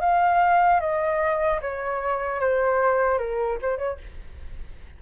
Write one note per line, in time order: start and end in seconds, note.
0.00 0.80 F5
0.80 1.60 D#5
1.61 2.40 C#5
2.40 3.18 C5
3.18 3.58 A#4
3.61 3.77 C5
3.77 3.97 C#5